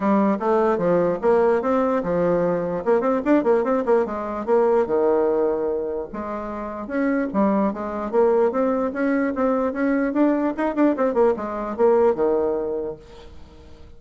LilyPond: \new Staff \with { instrumentName = "bassoon" } { \time 4/4 \tempo 4 = 148 g4 a4 f4 ais4 | c'4 f2 ais8 c'8 | d'8 ais8 c'8 ais8 gis4 ais4 | dis2. gis4~ |
gis4 cis'4 g4 gis4 | ais4 c'4 cis'4 c'4 | cis'4 d'4 dis'8 d'8 c'8 ais8 | gis4 ais4 dis2 | }